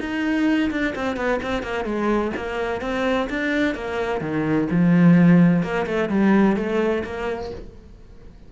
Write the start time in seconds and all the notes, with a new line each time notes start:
0.00 D#4
0.71 D4
0.95 C4
1.17 B3
1.43 C4
1.63 A#3
1.85 G#3
2.36 A#3
2.81 C4
3.30 D4
3.75 A#3
4.21 D#3
4.71 F3
5.63 A#3
5.86 A3
6.09 G3
6.56 A3
7.04 A#3